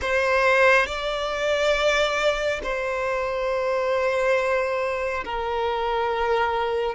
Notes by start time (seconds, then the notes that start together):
0.01 C5
0.86 D5
2.63 C5
5.24 A#4